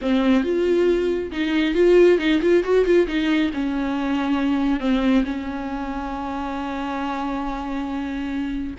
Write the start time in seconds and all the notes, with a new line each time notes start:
0.01 C4
0.43 F4
1.31 D#4
1.74 F4
2.18 D#4
2.41 F4
2.63 F#4
2.85 F4
3.07 D#4
3.53 C#4
4.80 C4
5.24 C#4